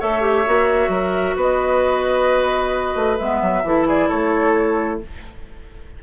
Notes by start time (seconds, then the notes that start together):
0.00 A3 A4 C#5 E5
0.22 G4
0.46 A#3 F#4
0.89 F#3 A#4
1.36 B3 B4 D#5
2.96 A3
3.18 G#3 B3 E5
3.42 F#3
3.63 E3 E4 A4
3.88 G#4 D5
4.09 A3 A4 C#5